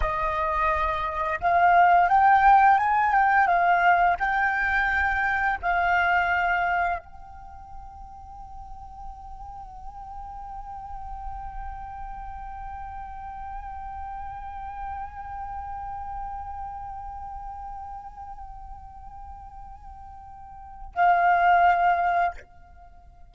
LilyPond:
\new Staff \with { instrumentName = "flute" } { \time 4/4 \tempo 4 = 86 dis''2 f''4 g''4 | gis''8 g''8 f''4 g''2 | f''2 g''2~ | g''1~ |
g''1~ | g''1~ | g''1~ | g''2 f''2 | }